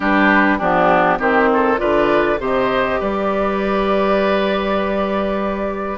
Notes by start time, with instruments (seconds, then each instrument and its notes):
0.00 bassoon G3, clarinet D4, oboe G4, flute B4
0.58 bassoon F3, clarinet B3, oboe D4, flute G4
1.19 bassoon D#3, clarinet C4, oboe G4, flute C5
1.53 oboe A4
1.77 bassoon D3, clarinet F4, oboe B4, flute D5
2.38 bassoon C3, clarinet G4, oboe C5, flute D#5
3.00 bassoon G3, oboe B4, flute D5